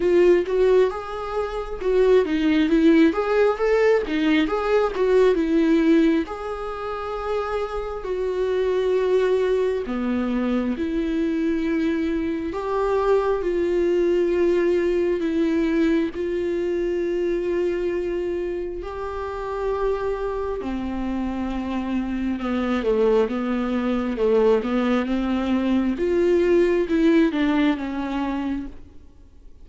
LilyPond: \new Staff \with { instrumentName = "viola" } { \time 4/4 \tempo 4 = 67 f'8 fis'8 gis'4 fis'8 dis'8 e'8 gis'8 | a'8 dis'8 gis'8 fis'8 e'4 gis'4~ | gis'4 fis'2 b4 | e'2 g'4 f'4~ |
f'4 e'4 f'2~ | f'4 g'2 c'4~ | c'4 b8 a8 b4 a8 b8 | c'4 f'4 e'8 d'8 cis'4 | }